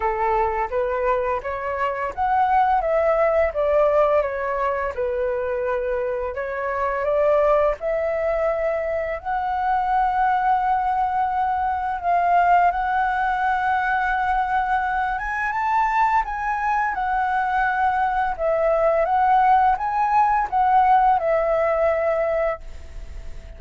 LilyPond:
\new Staff \with { instrumentName = "flute" } { \time 4/4 \tempo 4 = 85 a'4 b'4 cis''4 fis''4 | e''4 d''4 cis''4 b'4~ | b'4 cis''4 d''4 e''4~ | e''4 fis''2.~ |
fis''4 f''4 fis''2~ | fis''4. gis''8 a''4 gis''4 | fis''2 e''4 fis''4 | gis''4 fis''4 e''2 | }